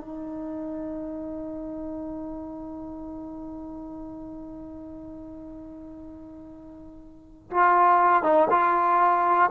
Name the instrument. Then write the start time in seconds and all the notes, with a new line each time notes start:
trombone
0.00 D#4
7.50 F4
8.23 D#4
8.50 F4